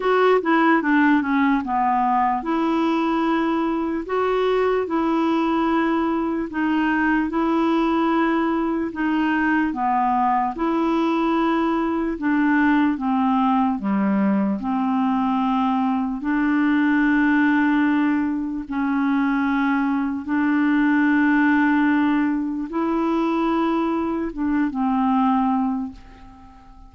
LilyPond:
\new Staff \with { instrumentName = "clarinet" } { \time 4/4 \tempo 4 = 74 fis'8 e'8 d'8 cis'8 b4 e'4~ | e'4 fis'4 e'2 | dis'4 e'2 dis'4 | b4 e'2 d'4 |
c'4 g4 c'2 | d'2. cis'4~ | cis'4 d'2. | e'2 d'8 c'4. | }